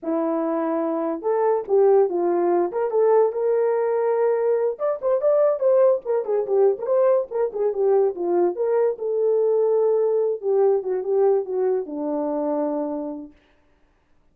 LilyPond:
\new Staff \with { instrumentName = "horn" } { \time 4/4 \tempo 4 = 144 e'2. a'4 | g'4 f'4. ais'8 a'4 | ais'2.~ ais'8 d''8 | c''8 d''4 c''4 ais'8 gis'8 g'8~ |
g'16 ais'16 c''4 ais'8 gis'8 g'4 f'8~ | f'8 ais'4 a'2~ a'8~ | a'4 g'4 fis'8 g'4 fis'8~ | fis'8 d'2.~ d'8 | }